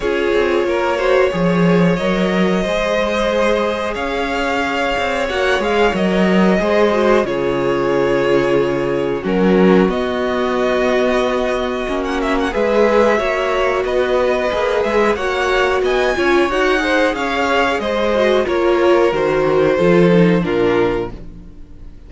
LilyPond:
<<
  \new Staff \with { instrumentName = "violin" } { \time 4/4 \tempo 4 = 91 cis''2. dis''4~ | dis''2 f''2 | fis''8 f''8 dis''2 cis''4~ | cis''2 ais'4 dis''4~ |
dis''2~ dis''16 fis''16 e''16 fis''16 e''4~ | e''4 dis''4. e''8 fis''4 | gis''4 fis''4 f''4 dis''4 | cis''4 c''2 ais'4 | }
  \new Staff \with { instrumentName = "violin" } { \time 4/4 gis'4 ais'8 c''8 cis''2 | c''2 cis''2~ | cis''2 c''4 gis'4~ | gis'2 fis'2~ |
fis'2. b'4 | cis''4 b'2 cis''4 | dis''8 cis''4 c''8 cis''4 c''4 | ais'2 a'4 f'4 | }
  \new Staff \with { instrumentName = "viola" } { \time 4/4 f'4. fis'8 gis'4 ais'4 | gis'1 | fis'8 gis'8 ais'4 gis'8 fis'8 f'4~ | f'2 cis'4 b4~ |
b2 cis'4 gis'4 | fis'2 gis'4 fis'4~ | fis'8 f'8 fis'8 gis'2 fis'8 | f'4 fis'4 f'8 dis'8 d'4 | }
  \new Staff \with { instrumentName = "cello" } { \time 4/4 cis'8 c'8 ais4 f4 fis4 | gis2 cis'4. c'8 | ais8 gis8 fis4 gis4 cis4~ | cis2 fis4 b4~ |
b2 ais4 gis4 | ais4 b4 ais8 gis8 ais4 | b8 cis'8 dis'4 cis'4 gis4 | ais4 dis4 f4 ais,4 | }
>>